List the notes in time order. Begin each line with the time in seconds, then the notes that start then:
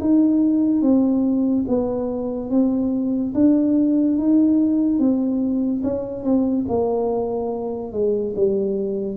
0.00 D#4
0.82 C4
1.67 B3
2.50 C4
3.34 D4
4.18 D#4
4.99 C4
5.83 C#4
6.24 C4
6.68 A#3
7.92 G#3
8.36 G3